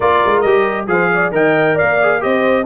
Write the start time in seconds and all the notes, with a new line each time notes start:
0.00 A#3 F4 A#4 D5
0.26 G#3
0.41 G3 G4 D#5
0.87 F3 G#4 C5 F5
1.13 D5
1.31 D#3 A#4 D#5 G5
1.75 D5 F5
1.81 A#3
2.02 G#4
2.19 C4 G4 C5 D#5